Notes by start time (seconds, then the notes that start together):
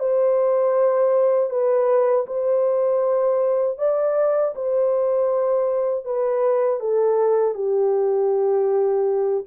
0.00 C5
1.50 B4
2.27 C5
3.78 D5
4.55 C5
6.05 B4
6.80 A4
7.55 G4